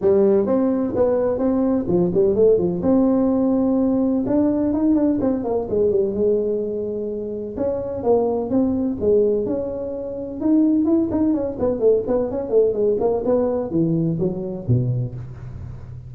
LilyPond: \new Staff \with { instrumentName = "tuba" } { \time 4/4 \tempo 4 = 127 g4 c'4 b4 c'4 | f8 g8 a8 f8 c'2~ | c'4 d'4 dis'8 d'8 c'8 ais8 | gis8 g8 gis2. |
cis'4 ais4 c'4 gis4 | cis'2 dis'4 e'8 dis'8 | cis'8 b8 a8 b8 cis'8 a8 gis8 ais8 | b4 e4 fis4 b,4 | }